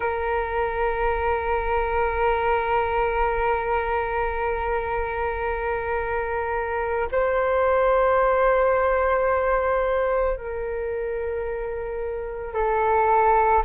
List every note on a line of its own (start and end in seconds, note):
0.00 7.08 A#4
7.11 10.36 C5
10.36 12.54 A#4
12.54 13.63 A4